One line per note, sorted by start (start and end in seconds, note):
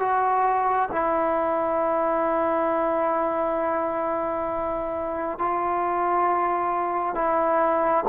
0.00 0.90 F#4
0.92 5.39 E4
5.39 7.15 F4
7.15 8.05 E4